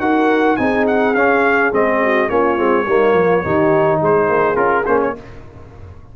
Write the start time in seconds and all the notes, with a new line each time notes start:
0.00 D#4 F#4 A#4 F#5
0.57 C4 D#4 G#4 G#5
0.87 F#5
1.15 C#4 F5
1.72 G#3 C4 D#5
2.03 F#4
2.29 A#3 C#4 F4 C#5
2.57 G#3 C4
2.87 G3 A#3 D#4
3.14 F3 F4
3.44 D#3 D#4 G4
4.01 G#3 G#4 C5
4.29 A#3
4.55 C#4 F4 A#4
4.86 A#3 C#4 C5
5.02 C#5